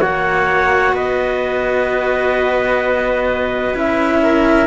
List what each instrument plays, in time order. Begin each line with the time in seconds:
0.00 cello A#3 F#4, trumpet C#5, clarinet F#5
0.93 cello B3, trumpet B4, clarinet D#5
3.74 cello C#4 E4, clarinet E5
4.23 trumpet A#4